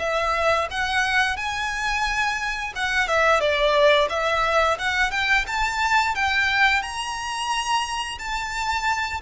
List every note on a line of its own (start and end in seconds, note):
0.00 0.68 E5
0.71 1.37 F#5
1.37 2.74 G#5
2.76 3.08 F#5
3.08 3.41 E5
3.41 4.09 D5
4.10 4.78 E5
4.79 5.12 F#5
5.12 5.46 G5
5.47 6.15 A5
6.15 6.82 G5
6.82 8.19 A#5
8.19 9.21 A5